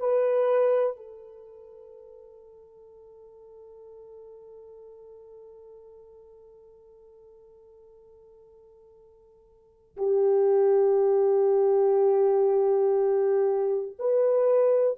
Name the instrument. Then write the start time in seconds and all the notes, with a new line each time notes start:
horn
0.00 B4
0.97 A4
9.97 G4
13.99 B4